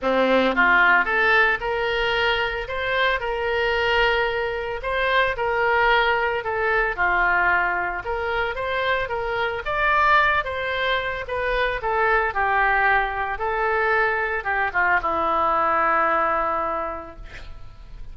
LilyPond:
\new Staff \with { instrumentName = "oboe" } { \time 4/4 \tempo 4 = 112 c'4 f'4 a'4 ais'4~ | ais'4 c''4 ais'2~ | ais'4 c''4 ais'2 | a'4 f'2 ais'4 |
c''4 ais'4 d''4. c''8~ | c''4 b'4 a'4 g'4~ | g'4 a'2 g'8 f'8 | e'1 | }